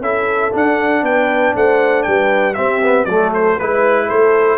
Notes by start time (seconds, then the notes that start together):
0.00 C#4 E4 A4 E5
0.51 D4 F#5
1.02 B3 B4 G5
1.55 A3 C5 F#5
2.03 G3 B4 G5
2.53 C4 G4 E5
2.82 B3
3.04 F#3 A3 A4 D5
3.33 C5
3.57 G#3 E4 B4
4.08 A3 A4 C5